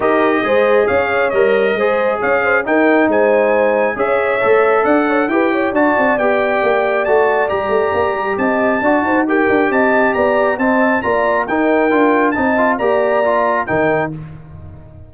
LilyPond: <<
  \new Staff \with { instrumentName = "trumpet" } { \time 4/4 \tempo 4 = 136 dis''2 f''4 dis''4~ | dis''4 f''4 g''4 gis''4~ | gis''4 e''2 fis''4 | g''4 a''4 g''2 |
a''4 ais''2 a''4~ | a''4 g''4 a''4 ais''4 | a''4 ais''4 g''2 | a''4 ais''2 g''4 | }
  \new Staff \with { instrumentName = "horn" } { \time 4/4 ais'4 c''4 cis''2 | c''4 cis''8 c''8 ais'4 c''4~ | c''4 cis''2 d''8 cis''8 | b'8 cis''8 d''2.~ |
d''2. dis''4 | d''8 c''8 ais'4 dis''4 d''4 | dis''4 d''4 ais'2 | dis''4 d''2 ais'4 | }
  \new Staff \with { instrumentName = "trombone" } { \time 4/4 g'4 gis'2 ais'4 | gis'2 dis'2~ | dis'4 gis'4 a'2 | g'4 fis'4 g'2 |
fis'4 g'2. | fis'4 g'2. | c'4 f'4 dis'4 f'4 | dis'8 f'8 g'4 f'4 dis'4 | }
  \new Staff \with { instrumentName = "tuba" } { \time 4/4 dis'4 gis4 cis'4 g4 | gis4 cis'4 dis'4 gis4~ | gis4 cis'4 a4 d'4 | e'4 d'8 c'8 b4 ais4 |
a4 g8 a8 ais8 g8 c'4 | d'8 dis'4 d'8 c'4 b4 | c'4 ais4 dis'4 d'4 | c'4 ais2 dis4 | }
>>